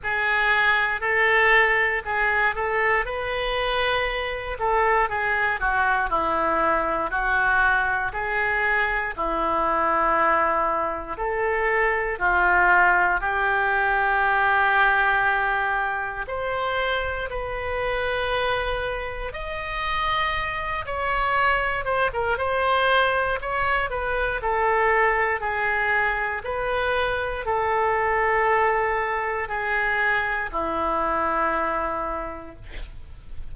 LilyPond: \new Staff \with { instrumentName = "oboe" } { \time 4/4 \tempo 4 = 59 gis'4 a'4 gis'8 a'8 b'4~ | b'8 a'8 gis'8 fis'8 e'4 fis'4 | gis'4 e'2 a'4 | f'4 g'2. |
c''4 b'2 dis''4~ | dis''8 cis''4 c''16 ais'16 c''4 cis''8 b'8 | a'4 gis'4 b'4 a'4~ | a'4 gis'4 e'2 | }